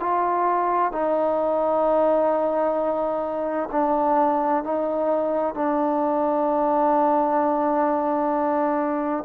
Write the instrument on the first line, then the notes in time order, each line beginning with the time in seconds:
trombone
0.00 F4
0.92 D#4
3.72 D4
4.64 D#4
5.55 D4